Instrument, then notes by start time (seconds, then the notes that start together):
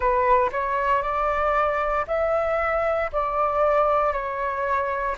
flute
0.00 B4
0.52 C#5
1.02 D5
2.07 E5
3.12 D5
4.12 C#5